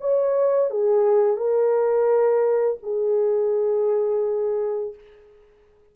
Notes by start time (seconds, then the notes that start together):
0.00 C#5
0.70 G#4
1.36 A#4
2.82 G#4